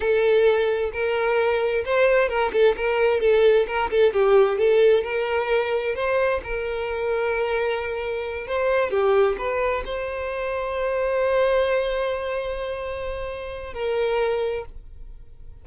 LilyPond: \new Staff \with { instrumentName = "violin" } { \time 4/4 \tempo 4 = 131 a'2 ais'2 | c''4 ais'8 a'8 ais'4 a'4 | ais'8 a'8 g'4 a'4 ais'4~ | ais'4 c''4 ais'2~ |
ais'2~ ais'8 c''4 g'8~ | g'8 b'4 c''2~ c''8~ | c''1~ | c''2 ais'2 | }